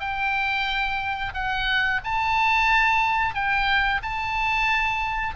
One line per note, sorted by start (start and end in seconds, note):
0.00 1.33 G5
1.34 2.01 F#5
2.04 3.35 A5
3.35 4.01 G5
4.02 5.35 A5